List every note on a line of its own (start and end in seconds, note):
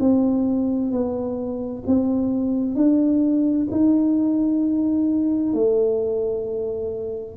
0.00 0.91 C4
0.91 1.84 B3
1.87 2.75 C4
2.75 3.68 D4
3.71 5.54 D#4
5.54 7.37 A3